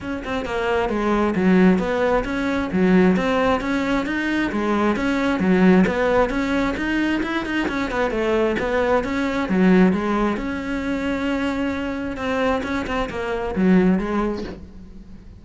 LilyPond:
\new Staff \with { instrumentName = "cello" } { \time 4/4 \tempo 4 = 133 cis'8 c'8 ais4 gis4 fis4 | b4 cis'4 fis4 c'4 | cis'4 dis'4 gis4 cis'4 | fis4 b4 cis'4 dis'4 |
e'8 dis'8 cis'8 b8 a4 b4 | cis'4 fis4 gis4 cis'4~ | cis'2. c'4 | cis'8 c'8 ais4 fis4 gis4 | }